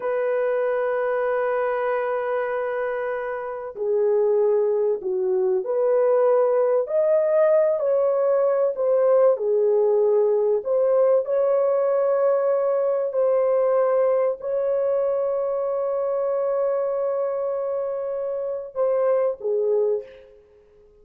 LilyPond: \new Staff \with { instrumentName = "horn" } { \time 4/4 \tempo 4 = 96 b'1~ | b'2 gis'2 | fis'4 b'2 dis''4~ | dis''8 cis''4. c''4 gis'4~ |
gis'4 c''4 cis''2~ | cis''4 c''2 cis''4~ | cis''1~ | cis''2 c''4 gis'4 | }